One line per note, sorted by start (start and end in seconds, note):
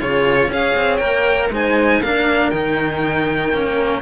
0.00 0.47 C#3
0.00 0.50 F4
0.00 0.47 G#4
0.00 0.51 C#5
0.47 0.72 C#4
0.47 0.99 G#4
0.47 1.48 C#5
0.47 0.97 F5
0.76 1.01 C4
0.97 1.49 A#3
0.97 1.50 A#4
0.97 1.47 G5
1.49 2.00 G#3
1.49 2.03 D#4
1.49 2.02 C5
1.49 2.02 G#5
2.01 2.51 A#3
2.01 2.52 D4
2.01 4.02 A#4
2.01 2.50 F5
2.50 3.53 D#3
2.50 3.52 D#4
2.50 4.01 G5
3.52 4.02 A#3
3.52 4.02 C#4